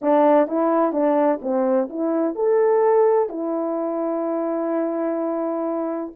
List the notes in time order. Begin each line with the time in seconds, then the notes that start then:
0.01 D4
0.47 E4
0.92 D4
1.41 C4
1.89 E4
2.35 A4
3.29 E4